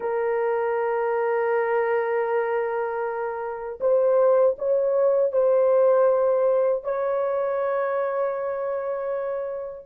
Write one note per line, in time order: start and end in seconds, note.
0.00 3.79 A#4
3.80 4.56 C5
4.58 5.32 C#5
5.32 6.84 C5
6.84 9.86 C#5